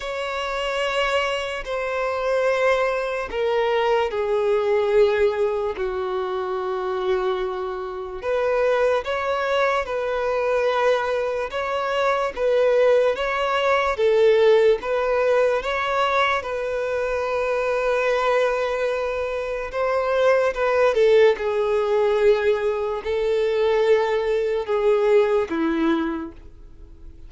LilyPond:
\new Staff \with { instrumentName = "violin" } { \time 4/4 \tempo 4 = 73 cis''2 c''2 | ais'4 gis'2 fis'4~ | fis'2 b'4 cis''4 | b'2 cis''4 b'4 |
cis''4 a'4 b'4 cis''4 | b'1 | c''4 b'8 a'8 gis'2 | a'2 gis'4 e'4 | }